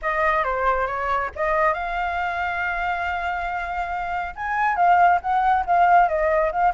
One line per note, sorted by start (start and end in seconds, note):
0.02 0.44 D#5
0.44 0.86 C5
0.86 1.30 C#5
1.35 1.73 D#5
1.73 4.34 F5
4.35 4.76 G#5
4.76 5.19 F5
5.21 5.64 F#5
5.65 6.08 F5
6.08 6.51 D#5
6.51 6.73 F5